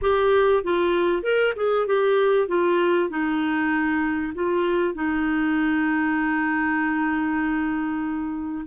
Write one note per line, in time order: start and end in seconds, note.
0.01 0.63 G4
0.63 1.22 F4
1.22 1.53 A#4
1.55 1.86 G#4
1.87 2.47 G4
2.47 3.09 F4
3.09 4.33 D#4
4.34 4.94 F4
4.94 8.65 D#4